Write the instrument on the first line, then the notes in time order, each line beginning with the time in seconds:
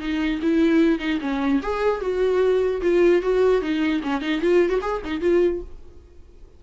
viola
0.00 D#4
0.42 E4
1.00 D#4
1.21 C#4
1.63 G#4
2.01 F#4
2.82 F4
3.23 F#4
3.62 D#4
4.04 C#4
4.22 D#4
4.41 F4
4.69 F#4
4.82 G#4
5.05 D#4
5.21 F4